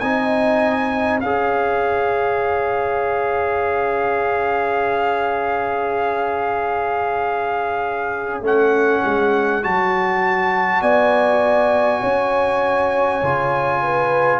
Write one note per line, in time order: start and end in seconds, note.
0.00 1.22 C4
0.00 1.23 D#4
0.00 1.21 D#5
0.00 1.20 G#5
1.21 8.41 C#4
1.21 8.44 G#4
1.21 10.81 C#5
1.21 8.41 F5
8.41 9.01 A3
8.41 9.63 C#4
8.41 9.64 F#5
9.05 9.65 G#3
9.63 10.82 F#3
9.63 13.23 F#4
9.63 10.82 A5
10.82 12.02 B3
10.82 12.02 D5
10.82 14.40 G#5
12.02 13.23 C#4
12.02 13.81 C#5
13.23 14.40 C#3
13.23 14.40 F4
13.83 14.40 B4